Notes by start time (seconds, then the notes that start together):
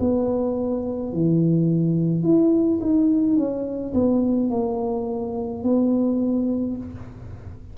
0.00 B3
1.12 E3
2.23 E4
2.80 D#4
3.36 C#4
3.94 B3
4.50 A#3
5.63 B3